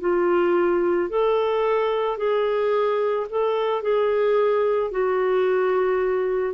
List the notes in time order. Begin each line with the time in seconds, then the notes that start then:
0.00 F4
1.09 A4
2.17 G#4
3.29 A4
3.82 G#4
4.91 F#4